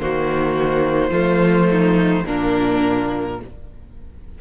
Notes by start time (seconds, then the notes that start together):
0.00 D#3 A#3 F#4 C5
1.11 F3 A3 F4
1.71 D#4
2.26 A#2 A#3 D4 A#4